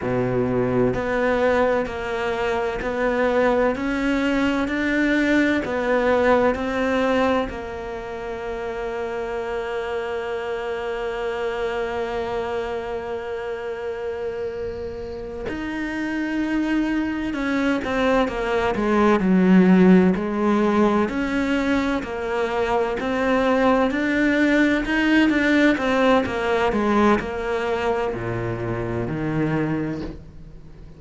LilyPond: \new Staff \with { instrumentName = "cello" } { \time 4/4 \tempo 4 = 64 b,4 b4 ais4 b4 | cis'4 d'4 b4 c'4 | ais1~ | ais1~ |
ais8 dis'2 cis'8 c'8 ais8 | gis8 fis4 gis4 cis'4 ais8~ | ais8 c'4 d'4 dis'8 d'8 c'8 | ais8 gis8 ais4 ais,4 dis4 | }